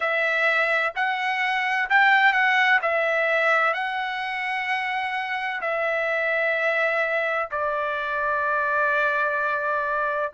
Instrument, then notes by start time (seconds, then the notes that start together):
trumpet
0.00 E5
0.95 F#5
1.89 G5
2.32 F#5
2.82 E5
3.73 F#5
5.61 E5
7.51 D5